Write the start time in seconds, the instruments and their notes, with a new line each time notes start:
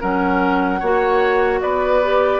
0.00 bassoon F#3, clarinet C#4, oboe A#4, flute F#5
0.80 bassoon A#3, clarinet F#4, oboe C#5
1.61 bassoon B3, oboe B4, flute D5
2.03 clarinet G4